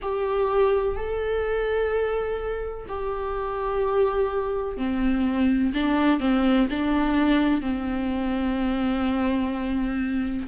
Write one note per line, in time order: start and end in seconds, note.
0.02 0.95 G4
0.95 2.86 A4
2.88 4.77 G4
4.77 5.72 C4
5.74 6.19 D4
6.19 6.67 C4
6.69 7.61 D4
7.61 10.47 C4